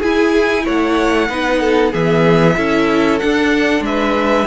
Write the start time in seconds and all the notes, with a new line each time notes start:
0.00 E4 G#4 G#5
0.64 A3 C#5 F#5
1.29 B3 D#4 B4
1.60 A4
1.92 E3 B3 G#4 E5
2.57 C#4 E4 A4
3.20 D4 F#5
3.81 G#3 B4 E5